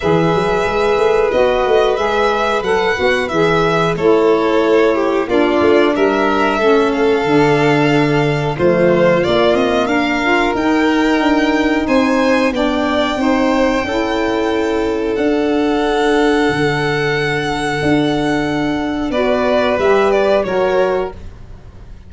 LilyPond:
<<
  \new Staff \with { instrumentName = "violin" } { \time 4/4 \tempo 4 = 91 e''2 dis''4 e''4 | fis''4 e''4 cis''2 | d''4 e''4. f''4.~ | f''4 c''4 d''8 dis''8 f''4 |
g''2 gis''4 g''4~ | g''2. fis''4~ | fis''1~ | fis''4 d''4 e''8 d''8 cis''4 | }
  \new Staff \with { instrumentName = "violin" } { \time 4/4 b'1~ | b'2 a'4. g'8 | f'4 ais'4 a'2~ | a'4 f'2 ais'4~ |
ais'2 c''4 d''4 | c''4 a'2.~ | a'1~ | a'4 b'2 ais'4 | }
  \new Staff \with { instrumentName = "saxophone" } { \time 4/4 gis'2 fis'4 gis'4 | a'8 fis'8 gis'4 e'2 | d'2 cis'4 d'4~ | d'4 a4 ais4. f'8 |
dis'2. d'4 | dis'4 e'2 d'4~ | d'1~ | d'4 fis'4 g'4 fis'4 | }
  \new Staff \with { instrumentName = "tuba" } { \time 4/4 e8 fis8 gis8 a8 b8 a8 gis4 | fis8 b8 e4 a2 | ais8 a8 g4 a4 d4~ | d4 f4 ais8 c'8 d'4 |
dis'4 d'4 c'4 b4 | c'4 cis'2 d'4~ | d'4 d2 d'4~ | d'4 b4 g4 fis4 | }
>>